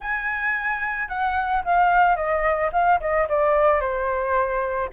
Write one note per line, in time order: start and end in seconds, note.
0.00 1.08 G#5
1.08 1.63 F#5
1.64 2.15 F5
2.15 2.70 D#5
2.72 3.00 F5
3.00 3.27 D#5
3.28 3.80 D5
3.80 4.89 C5